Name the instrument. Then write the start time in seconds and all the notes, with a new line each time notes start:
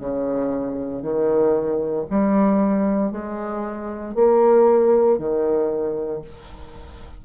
bassoon
0.00 C#3
1.03 D#3
2.10 G3
3.12 G#3
4.15 A#3
5.19 D#3